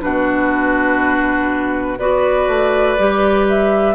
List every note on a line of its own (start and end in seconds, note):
0.00 1.98 B2
0.00 1.97 D4
0.00 1.98 F#4
0.00 1.97 B4
1.98 2.47 B3
1.98 2.98 F#4
1.98 3.94 B4
1.98 3.45 D5
2.47 2.96 A3
2.98 3.94 G3
2.98 3.94 G4
3.48 3.94 E5